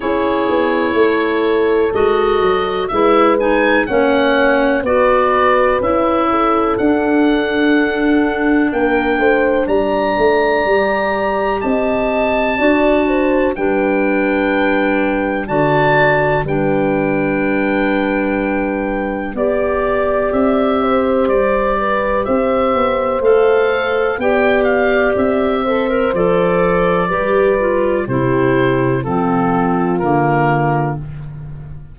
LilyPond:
<<
  \new Staff \with { instrumentName = "oboe" } { \time 4/4 \tempo 4 = 62 cis''2 dis''4 e''8 gis''8 | fis''4 d''4 e''4 fis''4~ | fis''4 g''4 ais''2 | a''2 g''2 |
a''4 g''2. | d''4 e''4 d''4 e''4 | f''4 g''8 f''8 e''4 d''4~ | d''4 c''4 a'4 ais'4 | }
  \new Staff \with { instrumentName = "horn" } { \time 4/4 gis'4 a'2 b'4 | cis''4 b'4. a'4.~ | a'4 ais'8 c''8 d''2 | dis''4 d''8 c''8 b'2 |
d''4 b'2. | d''4. c''4 b'8 c''4~ | c''4 d''4. c''4. | b'4 g'4 f'2 | }
  \new Staff \with { instrumentName = "clarinet" } { \time 4/4 e'2 fis'4 e'8 dis'8 | cis'4 fis'4 e'4 d'4~ | d'2. g'4~ | g'4 fis'4 d'2 |
fis'4 d'2. | g'1 | a'4 g'4. a'16 ais'16 a'4 | g'8 f'8 e'4 c'4 ais4 | }
  \new Staff \with { instrumentName = "tuba" } { \time 4/4 cis'8 b8 a4 gis8 fis8 gis4 | ais4 b4 cis'4 d'4~ | d'4 ais8 a8 g8 a8 g4 | c'4 d'4 g2 |
d4 g2. | b4 c'4 g4 c'8 b8 | a4 b4 c'4 f4 | g4 c4 f4 d4 | }
>>